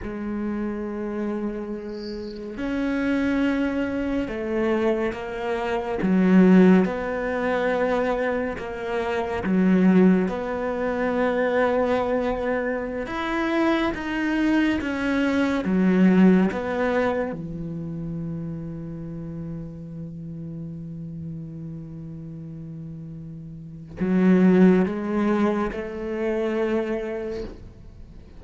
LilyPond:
\new Staff \with { instrumentName = "cello" } { \time 4/4 \tempo 4 = 70 gis2. cis'4~ | cis'4 a4 ais4 fis4 | b2 ais4 fis4 | b2.~ b16 e'8.~ |
e'16 dis'4 cis'4 fis4 b8.~ | b16 e2.~ e8.~ | e1 | fis4 gis4 a2 | }